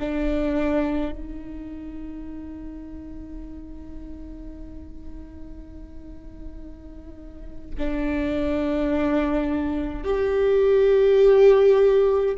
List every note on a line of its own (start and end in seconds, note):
0.00 1.12 D4
1.12 7.75 D#4
7.78 10.04 D4
10.04 12.35 G4